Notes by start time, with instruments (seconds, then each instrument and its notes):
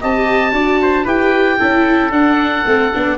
0.00 tuba C4, viola G4, trumpet D#5, oboe A5
0.51 tuba D4, viola F#4, trumpet D5
0.82 trumpet C5
1.04 tuba E4, viola G4, trumpet B4, oboe G5
1.59 tuba C#4, viola E4, trumpet A4
2.11 tuba D4, viola D4, oboe F#5
2.65 tuba A3, viola C4
2.94 tuba B3, viola D4